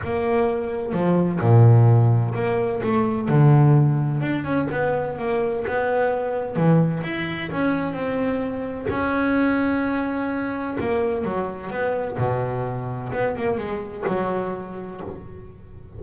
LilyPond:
\new Staff \with { instrumentName = "double bass" } { \time 4/4 \tempo 4 = 128 ais2 f4 ais,4~ | ais,4 ais4 a4 d4~ | d4 d'8 cis'8 b4 ais4 | b2 e4 e'4 |
cis'4 c'2 cis'4~ | cis'2. ais4 | fis4 b4 b,2 | b8 ais8 gis4 fis2 | }